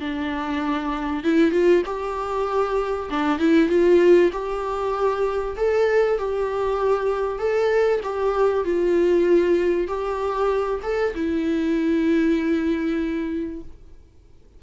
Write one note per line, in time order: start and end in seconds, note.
0.00 1.24 D4
1.24 1.51 E4
1.51 1.82 F4
1.85 3.09 G4
3.10 3.39 D4
3.39 3.69 E4
3.69 4.30 F4
4.32 5.56 G4
5.57 6.18 A4
6.18 7.39 G4
7.39 8.00 A4
8.03 8.64 G4
8.64 9.88 F4
9.88 10.81 G4
10.83 11.14 A4
11.15 13.62 E4